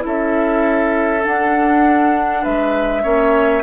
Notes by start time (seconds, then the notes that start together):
0.00 C#4 E4 A4
0.06 E5
1.24 D4 F#5
2.44 G#3 B4 E5
3.03 A#3 C#4 C#5